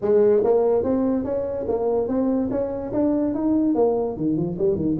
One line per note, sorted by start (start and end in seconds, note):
0.01 0.43 G#3
0.44 0.83 A#3
0.83 1.24 C4
1.24 1.66 C#4
1.68 2.07 A#3
2.07 2.49 C4
2.50 2.92 C#4
2.93 3.34 D4
3.34 3.75 D#4
3.75 4.16 A#3
4.16 4.36 D#3
4.36 4.57 F3
4.58 4.75 G3
4.75 4.96 D#3